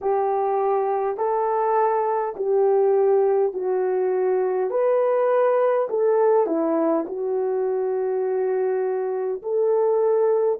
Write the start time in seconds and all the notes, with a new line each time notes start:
0.01 G4
1.17 A4
2.36 G4
3.53 F#4
4.70 B4
5.89 A4
6.46 E4
7.06 F#4
9.42 A4